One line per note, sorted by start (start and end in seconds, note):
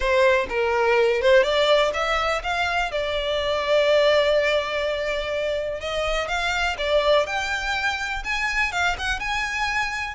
0.00 0.46 C5
0.49 1.21 A#4
1.21 1.43 C5
1.43 1.91 D5
1.93 2.41 E5
2.43 2.91 F5
2.91 5.80 D5
5.80 6.27 D#5
6.27 6.76 F5
6.78 7.26 D5
7.26 8.23 G5
8.24 8.71 G#5
8.71 8.96 F5
8.98 9.19 F#5
9.19 10.14 G#5